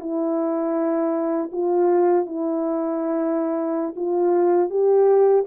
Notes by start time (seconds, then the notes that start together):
0.00 E4
1.52 F4
2.26 E4
3.96 F4
4.69 G4